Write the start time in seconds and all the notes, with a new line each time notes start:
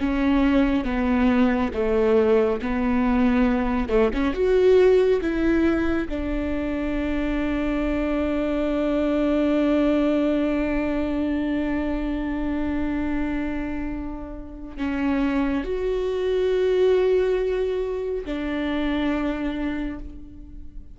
0.00 C#4
0.85 B3
1.74 A3
2.62 B3
3.89 A3
4.14 C#4
4.34 F#4
5.21 E4
6.09 D4
14.77 C#4
15.64 F#4
18.25 D4